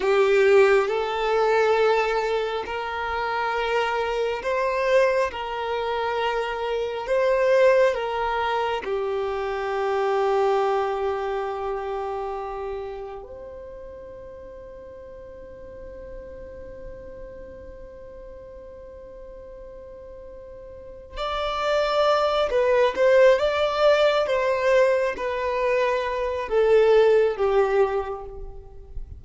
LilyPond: \new Staff \with { instrumentName = "violin" } { \time 4/4 \tempo 4 = 68 g'4 a'2 ais'4~ | ais'4 c''4 ais'2 | c''4 ais'4 g'2~ | g'2. c''4~ |
c''1~ | c''1 | d''4. b'8 c''8 d''4 c''8~ | c''8 b'4. a'4 g'4 | }